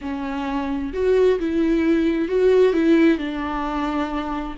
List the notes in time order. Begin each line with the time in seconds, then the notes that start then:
0.01 C#4
0.93 F#4
1.39 E4
2.28 F#4
2.73 E4
3.17 D4